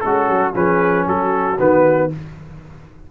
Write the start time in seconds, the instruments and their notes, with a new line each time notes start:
0.00 tuba G#3, horn C#4, trombone F#4, trumpet A4
0.28 tuba F#3
0.54 tuba F3, trombone C#4, horn G#4, trumpet B4
1.06 tuba F#3, horn F#4, trumpet A4
1.59 tuba D#3, trombone B3, trumpet B4